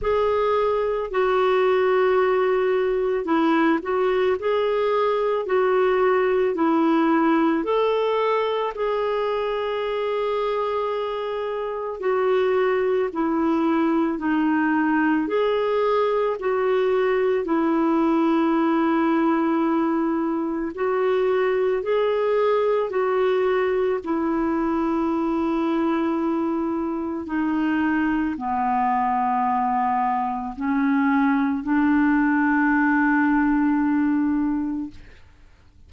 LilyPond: \new Staff \with { instrumentName = "clarinet" } { \time 4/4 \tempo 4 = 55 gis'4 fis'2 e'8 fis'8 | gis'4 fis'4 e'4 a'4 | gis'2. fis'4 | e'4 dis'4 gis'4 fis'4 |
e'2. fis'4 | gis'4 fis'4 e'2~ | e'4 dis'4 b2 | cis'4 d'2. | }